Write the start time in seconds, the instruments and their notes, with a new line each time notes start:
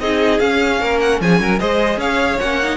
0.00 cello C4, viola D#4, violin G#4 D#5
0.39 cello C#4, viola C#4, violin F5
0.80 cello A#3, violin A#4
1.01 violin F#5
1.21 cello F3, violin G#4 G#5
1.40 cello F#3, violin A#4
1.60 cello G#3, viola G#4, violin C5 D#5
1.97 cello C#4, violin C#5 F5
2.40 cello A#3, viola C#4, violin F#5
2.63 viola D#4